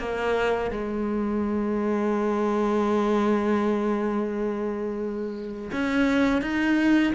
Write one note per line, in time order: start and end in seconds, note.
0.00 0.71 A#3
0.71 5.71 G#3
5.73 6.42 C#4
6.42 7.14 D#4